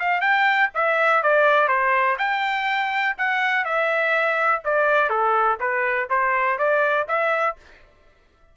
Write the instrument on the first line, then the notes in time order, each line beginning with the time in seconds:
trumpet
0.00 F5
0.21 G5
0.75 E5
1.23 D5
1.68 C5
2.19 G5
3.18 F#5
3.65 E5
4.65 D5
5.10 A4
5.60 B4
6.10 C5
6.59 D5
7.08 E5